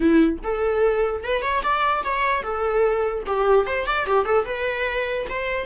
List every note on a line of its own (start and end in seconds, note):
0.00 0.38 E4
0.43 1.23 A4
1.23 1.42 B4
1.42 1.62 C#5
1.63 2.03 D5
2.04 2.42 C#5
2.42 3.23 A4
3.26 3.66 G4
3.66 3.86 C5
3.86 4.05 D5
4.05 4.25 G4
4.25 4.45 A4
4.45 5.26 B4
5.29 5.66 C5